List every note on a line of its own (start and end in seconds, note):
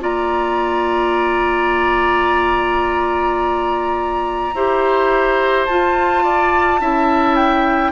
0.00 4.54 A#3
0.00 4.53 F4
0.00 4.55 D5
0.00 5.66 A#5
4.54 5.67 E4
4.54 5.69 G4
4.54 6.24 C5
5.66 6.81 F4
5.66 6.80 F4
5.66 7.36 A5
6.24 6.80 D5
6.80 7.92 C#4
6.80 7.92 E4
6.80 7.92 E5
7.36 7.92 G5